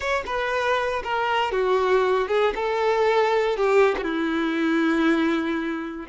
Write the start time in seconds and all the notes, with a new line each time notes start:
0.00 C#5
0.25 B4
1.03 A#4
1.51 F#4
2.28 G#4
2.55 A4
3.57 G4
3.97 E4 F#4